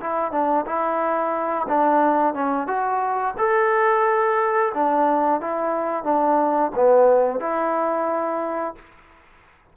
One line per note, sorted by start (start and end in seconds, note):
0.00 0.32 E4
0.32 0.65 D4
0.66 1.67 E4
1.68 2.34 D4
2.34 2.67 C#4
2.67 3.35 F#4
3.38 4.73 A4
4.74 5.41 D4
5.41 6.04 E4
6.04 6.71 D4
6.75 7.40 B3
7.40 8.75 E4